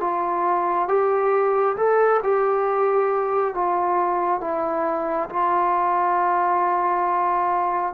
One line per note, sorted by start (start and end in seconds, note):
0.00 0.88 F4
0.88 1.76 G4
1.76 2.21 A4
2.23 3.54 G4
3.54 4.40 F4
4.40 5.29 E4
5.29 7.93 F4